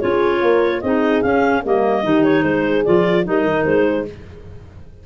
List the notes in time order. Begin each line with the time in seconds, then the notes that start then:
0.00 C#4 F4 G#4 C#5
0.38 A#3 A#4
0.81 C4 D#4 G#4 D#5
1.22 C#4 F5
1.62 G3 A#3 A#4 D#5
2.03 D#3 D#4 G4
2.24 C#5
2.43 G#3 G#4 C5
2.85 F3 F4 D5
3.24 G3 D#4 A#4 D#5
3.44 D#3
3.65 G#3 C5
3.85 G#4